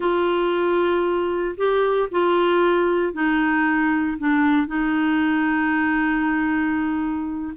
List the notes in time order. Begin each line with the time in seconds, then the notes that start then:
0.00 F4
1.57 G4
2.11 F4
3.13 D#4
4.18 D4
4.67 D#4